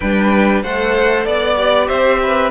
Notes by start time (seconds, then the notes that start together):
0.00 G3 D4 B4 G5
0.62 A3 A4 C5 F#5
1.25 B3 D5
1.56 G4
1.87 C4 C5 E5
2.22 B4